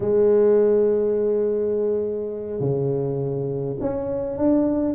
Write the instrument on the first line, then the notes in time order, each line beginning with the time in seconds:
tuba
0.00 G#3
2.59 C#3
3.80 C#4
4.37 D4